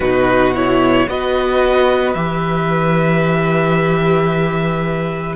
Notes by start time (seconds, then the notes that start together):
0.00 B2 D#4 F#4 B4
0.54 E4 C#5
1.07 B3 F#4 B4 D#5
2.13 E3 G4 E5